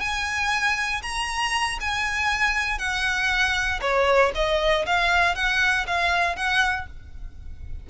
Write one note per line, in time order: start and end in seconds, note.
0.00 1.02 G#5
1.03 1.79 A#5
1.81 2.79 G#5
2.79 3.80 F#5
3.81 4.32 C#5
4.35 4.86 D#5
4.86 5.35 F5
5.35 5.86 F#5
5.87 6.36 F5
6.36 6.87 F#5